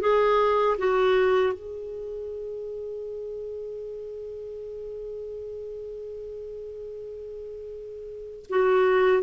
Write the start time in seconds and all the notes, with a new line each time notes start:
0.00 G#4
0.78 F#4
1.53 G#4
8.49 F#4